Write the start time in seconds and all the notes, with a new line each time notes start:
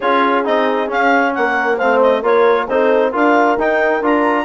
0.00 C#4 F4 G#4 C#5
0.44 C4 D#4 D#5
0.87 C#4 F5
1.34 A#3 A#4 F#5
1.76 A3 C4 C5 F5
2.01 D#5
2.22 A#3 F4 A#4 C#5
2.67 C4 D#4 A4 C5
3.11 D4 F4 A#4 F5
3.57 D#4 G5
4.01 D4 F4 A#5